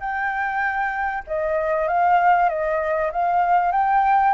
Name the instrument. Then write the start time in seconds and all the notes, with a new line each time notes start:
flute
0.00 G5
1.27 D#5
1.88 F5
2.49 D#5
3.12 F5
3.72 G5